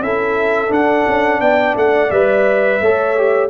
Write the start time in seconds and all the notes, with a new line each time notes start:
0.00 C#4 E4 A4 E5
0.68 D4 F#5
1.08 C#4
1.40 B3 D5 G5
1.76 A3 F#5
2.11 G3 B4 E5
2.81 A3 A4 C#5
3.18 G4